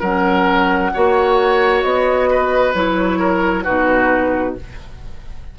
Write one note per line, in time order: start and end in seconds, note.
0.00 0.93 F#3
0.00 0.94 C#4
0.00 0.91 A#4
0.00 1.82 F#5
0.94 1.84 A#3
0.94 2.75 F#4
0.94 2.30 C#5
1.82 2.74 B3
1.82 2.73 D#5
2.30 3.19 B4
2.74 3.65 F#3
2.74 3.65 E4
2.74 3.64 C#5
3.19 3.64 A#4
3.64 4.59 B2
3.64 4.56 D#4
3.64 4.55 F#4
3.64 4.55 B4